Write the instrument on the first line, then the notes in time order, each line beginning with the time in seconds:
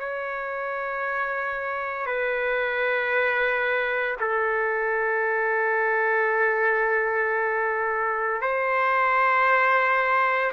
trumpet
0.00 C#5
2.07 B4
4.21 A4
8.42 C5